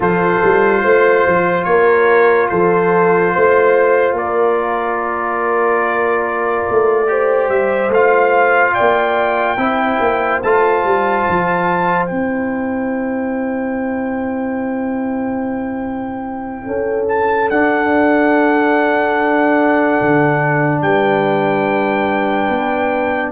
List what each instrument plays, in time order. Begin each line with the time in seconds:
0.00 tuba F3, trombone F4, horn A4, trumpet C5
0.44 tuba G3
0.81 tuba A3, horn C5
1.26 tuba F3
1.64 tuba A#3, horn A#4, trumpet C#5
2.49 tuba F3, horn A4, trumpet C5
3.33 tuba A3, horn C5
4.12 tuba A#3, horn A#4, trumpet D5
6.69 tuba A3
7.07 trombone G4, horn C5
7.49 tuba G3, trumpet E5
7.88 tuba A3, trumpet F5
7.94 trombone F4
8.74 tuba A#3, horn D5, trumpet G5
9.57 tuba C4, trombone E4, horn C5
10.00 tuba A#3
10.42 tuba A3, trombone F4, trumpet A5
10.84 tuba G3
11.28 tuba F3
12.05 tuba C4, trombone E4, trumpet G5
16.66 tuba C#4, horn A4
17.08 trumpet A5
17.50 tuba D4, trombone D4, trumpet F#5
20.01 tuba D3
20.81 tuba G3, horn B4, trumpet G5
22.49 tuba B3